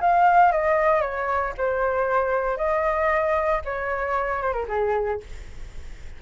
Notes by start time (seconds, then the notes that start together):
0.00 F5
0.52 D#5
1.01 C#5
1.57 C5
2.57 D#5
3.65 C#5
4.41 C5
4.52 A#4
4.68 G#4